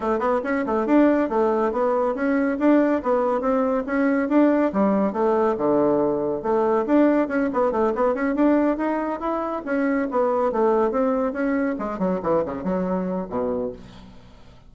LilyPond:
\new Staff \with { instrumentName = "bassoon" } { \time 4/4 \tempo 4 = 140 a8 b8 cis'8 a8 d'4 a4 | b4 cis'4 d'4 b4 | c'4 cis'4 d'4 g4 | a4 d2 a4 |
d'4 cis'8 b8 a8 b8 cis'8 d'8~ | d'8 dis'4 e'4 cis'4 b8~ | b8 a4 c'4 cis'4 gis8 | fis8 e8 cis8 fis4. b,4 | }